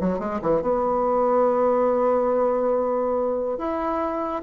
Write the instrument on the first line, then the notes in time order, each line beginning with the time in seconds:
bassoon
0.00 F#3
0.19 G#3
0.41 E3
0.62 B3
3.58 E4